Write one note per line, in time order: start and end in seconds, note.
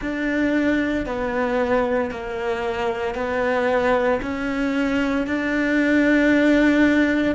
0.01 1.06 D4
1.06 2.11 B3
2.11 3.14 A#3
3.14 4.20 B3
4.22 5.26 C#4
5.26 7.34 D4